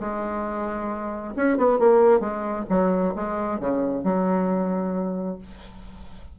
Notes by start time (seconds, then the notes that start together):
0.00 G#3
1.37 C#4
1.58 B3
1.79 A#3
2.21 G#3
2.70 F#3
3.16 G#3
3.60 C#3
4.04 F#3